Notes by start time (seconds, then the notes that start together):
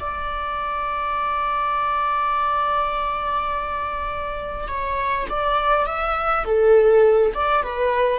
0.00 D5
4.68 C#5
5.29 D5
5.87 E5
6.45 A4
7.34 D5
7.63 B4